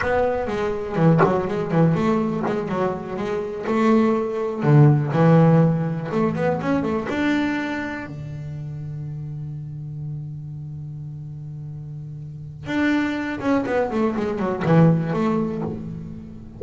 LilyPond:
\new Staff \with { instrumentName = "double bass" } { \time 4/4 \tempo 4 = 123 b4 gis4 e8 fis8 gis8 e8 | a4 gis8 fis4 gis4 a8~ | a4. d4 e4.~ | e8 a8 b8 cis'8 a8 d'4.~ |
d'8 d2.~ d8~ | d1~ | d2 d'4. cis'8 | b8 a8 gis8 fis8 e4 a4 | }